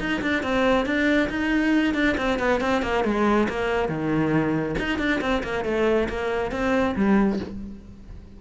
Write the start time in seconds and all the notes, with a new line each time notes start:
0.00 D#4
0.22 D4
0.43 C4
0.86 D4
1.30 D#4
1.95 D4
2.18 C4
2.39 B3
2.61 C4
2.83 A#3
3.05 G#3
3.49 A#3
3.89 D#3
4.79 D#4
4.99 D4
5.22 C4
5.44 A#3
5.65 A3
6.10 A#3
6.52 C4
6.96 G3